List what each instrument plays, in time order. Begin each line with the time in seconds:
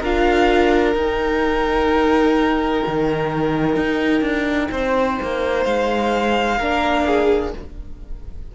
0.00 cello D4, viola F4, violin A#4 F5
0.95 cello D#4, viola D#4, violin G5
2.87 cello D#3
3.76 cello D#4
4.21 cello D4
4.71 cello C4, violin C5
5.22 cello A#3
5.63 cello G#3, violin F5
6.58 cello A#3, viola D4, violin A#4
7.06 violin G#4